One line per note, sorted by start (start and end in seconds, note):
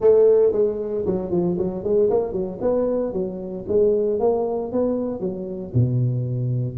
0.00 0.52 A3
0.52 1.04 G#3
1.06 1.30 F#3
1.30 1.57 F3
1.57 1.83 F#3
1.83 2.09 G#3
2.10 2.32 A#3
2.32 2.58 F#3
2.61 3.13 B3
3.13 3.65 F#3
3.68 4.19 G#3
4.19 4.71 A#3
4.71 5.19 B3
5.19 5.72 F#3
5.74 6.77 B2